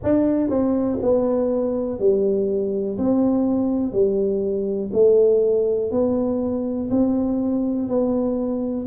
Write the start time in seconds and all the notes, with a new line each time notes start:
0.03 D4
0.49 C4
1.01 B3
1.99 G3
2.98 C4
3.92 G3
4.92 A3
5.91 B3
6.90 C4
7.88 B3